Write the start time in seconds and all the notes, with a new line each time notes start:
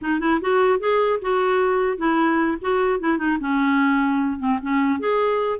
0.01 D#4
0.20 E4
0.41 F#4
0.79 G#4
1.21 F#4
1.97 E4
2.61 F#4
2.99 E4
3.18 D#4
3.40 C#4
4.39 C4
4.62 C#4
4.99 G#4